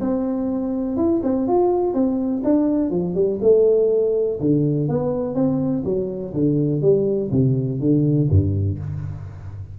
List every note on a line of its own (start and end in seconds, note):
0.00 0.96 C4
0.96 1.21 E4
1.23 1.47 C4
1.47 1.93 F4
1.93 2.42 C4
2.44 2.90 D4
2.90 3.14 F3
3.15 3.39 G3
3.41 4.39 A3
4.40 4.88 D3
4.88 5.35 B3
5.35 5.83 C4
5.84 6.33 F#3
6.33 6.81 D3
6.81 7.30 G3
7.31 7.79 C3
7.79 8.28 D3
8.29 8.78 G2